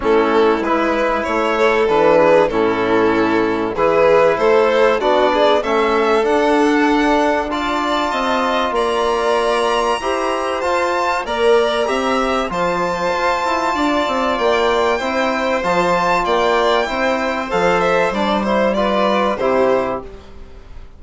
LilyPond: <<
  \new Staff \with { instrumentName = "violin" } { \time 4/4 \tempo 4 = 96 a'4 b'4 cis''4 b'4 | a'2 b'4 c''4 | d''4 e''4 fis''2 | a''2 ais''2~ |
ais''4 a''4 ais''2 | a''2. g''4~ | g''4 a''4 g''2 | f''8 e''8 d''8 c''8 d''4 c''4 | }
  \new Staff \with { instrumentName = "violin" } { \time 4/4 e'2~ e'8 a'4 gis'8 | e'2 gis'4 a'4 | fis'8 gis'8 a'2. | d''4 dis''4 d''2 |
c''2 d''4 e''4 | c''2 d''2 | c''2 d''4 c''4~ | c''2 b'4 g'4 | }
  \new Staff \with { instrumentName = "trombone" } { \time 4/4 cis'4 e'2 d'4 | cis'2 e'2 | d'4 cis'4 d'2 | f'1 |
g'4 f'4 ais'4 g'4 | f'1 | e'4 f'2 e'4 | a'4 d'8 e'8 f'4 e'4 | }
  \new Staff \with { instrumentName = "bassoon" } { \time 4/4 a4 gis4 a4 e4 | a,2 e4 a4 | b4 a4 d'2~ | d'4 c'4 ais2 |
e'4 f'4 ais4 c'4 | f4 f'8 e'8 d'8 c'8 ais4 | c'4 f4 ais4 c'4 | f4 g2 c4 | }
>>